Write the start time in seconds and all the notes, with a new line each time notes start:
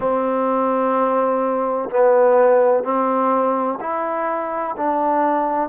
0.00 C4
1.90 B3
2.83 C4
3.80 E4
4.77 D4